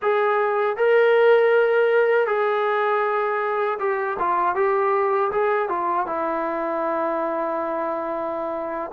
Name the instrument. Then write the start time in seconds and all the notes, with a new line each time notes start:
trombone
0.02 G#4
0.77 A#4
2.26 G#4
3.79 G4
4.19 F4
4.55 G4
5.31 G#4
5.68 F4
6.06 E4